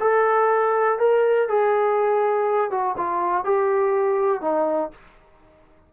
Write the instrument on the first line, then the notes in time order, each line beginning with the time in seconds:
trombone
0.00 A4
0.99 A#4
1.49 G#4
2.71 F#4
2.98 F4
3.45 G4
4.41 D#4